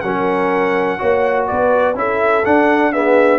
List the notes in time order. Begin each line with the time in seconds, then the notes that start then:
0.00 F#3 C#4 A#4 F#5
0.98 A#3 F#4 C#5
1.47 B3 B4 D5
1.95 C#4 E4 A4 E5
2.45 D4 F#5
2.92 B3 G#4 E5